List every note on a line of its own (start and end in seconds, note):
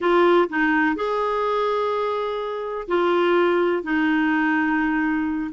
0.00 0.48 F4
0.49 0.95 D#4
0.95 2.87 G#4
2.88 3.83 F4
3.83 5.51 D#4